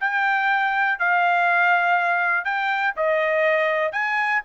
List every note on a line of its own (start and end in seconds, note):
0.00 0.99 G5
0.99 2.45 F5
2.45 2.94 G5
2.96 3.92 D#5
3.92 4.41 G#5